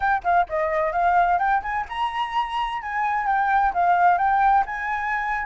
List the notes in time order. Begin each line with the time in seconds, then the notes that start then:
0.00 G5
0.23 F5
0.49 D#5
0.92 F5
1.38 G5
1.62 G#5
1.88 A#5
2.82 G#5
3.26 G5
3.73 F5
4.18 G5
4.66 G#5